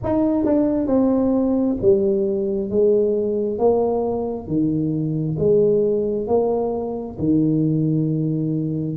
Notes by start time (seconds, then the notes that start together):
0.03 D#4
0.44 D4
0.86 C4
1.81 G3
2.69 G#3
3.58 A#3
4.47 D#3
5.38 G#3
6.27 A#3
7.18 D#3